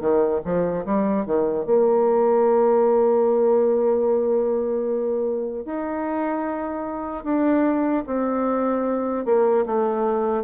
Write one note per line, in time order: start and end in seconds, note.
0.00 0.40 D#3
0.44 0.84 F3
0.85 1.25 G3
1.25 1.65 D#3
1.65 5.65 A#3
5.65 7.24 D#4
7.24 8.04 D4
8.06 9.25 C4
9.25 9.65 A#3
9.66 10.43 A3